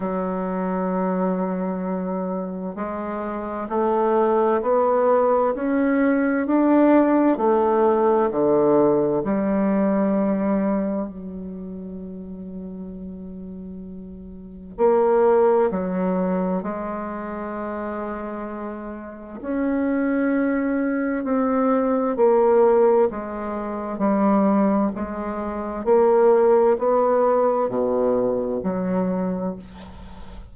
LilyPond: \new Staff \with { instrumentName = "bassoon" } { \time 4/4 \tempo 4 = 65 fis2. gis4 | a4 b4 cis'4 d'4 | a4 d4 g2 | fis1 |
ais4 fis4 gis2~ | gis4 cis'2 c'4 | ais4 gis4 g4 gis4 | ais4 b4 b,4 fis4 | }